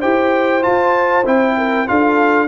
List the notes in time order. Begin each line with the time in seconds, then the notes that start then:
0.00 E4 G4 C5 G5
0.62 F4 A5
1.25 C4 E4 G5
1.57 A#4
1.87 D4 F4 A4 F5